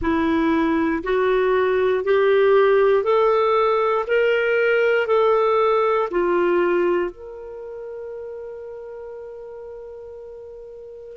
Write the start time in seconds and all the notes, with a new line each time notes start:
0.01 E4
1.04 F#4
2.04 G4
3.03 A4
4.07 A#4
5.07 A4
6.10 F4
7.10 A#4